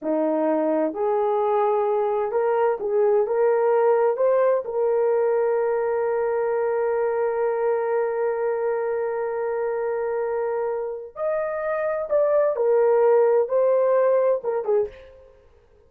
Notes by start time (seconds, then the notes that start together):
0.02 D#4
0.93 G#4
2.31 A#4
2.80 G#4
3.27 A#4
4.16 C5
4.64 A#4
11.15 D#5
12.09 D5
12.56 A#4
13.48 C5
14.43 A#4
14.64 G#4